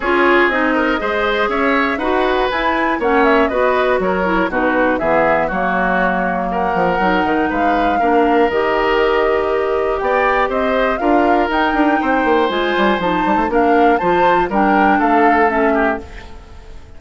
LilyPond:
<<
  \new Staff \with { instrumentName = "flute" } { \time 4/4 \tempo 4 = 120 cis''4 dis''2 e''4 | fis''4 gis''4 fis''8 e''8 dis''4 | cis''4 b'4 e''4 cis''4~ | cis''4 fis''2 f''4~ |
f''4 dis''2. | g''4 dis''4 f''4 g''4~ | g''4 gis''4 a''4 f''4 | a''4 g''4 f''4 e''4 | }
  \new Staff \with { instrumentName = "oboe" } { \time 4/4 gis'4. ais'8 c''4 cis''4 | b'2 cis''4 b'4 | ais'4 fis'4 gis'4 fis'4~ | fis'4 ais'2 b'4 |
ais'1 | d''4 c''4 ais'2 | c''2. ais'4 | c''4 ais'4 a'4. g'8 | }
  \new Staff \with { instrumentName = "clarinet" } { \time 4/4 f'4 dis'4 gis'2 | fis'4 e'4 cis'4 fis'4~ | fis'8 e'8 dis'4 b4 ais4~ | ais2 dis'2 |
d'4 g'2.~ | g'2 f'4 dis'4~ | dis'4 f'4 dis'4 d'4 | f'4 d'2 cis'4 | }
  \new Staff \with { instrumentName = "bassoon" } { \time 4/4 cis'4 c'4 gis4 cis'4 | dis'4 e'4 ais4 b4 | fis4 b,4 e4 fis4~ | fis4. f8 fis8 dis8 gis4 |
ais4 dis2. | b4 c'4 d'4 dis'8 d'8 | c'8 ais8 gis8 g8 f8 g16 a16 ais4 | f4 g4 a2 | }
>>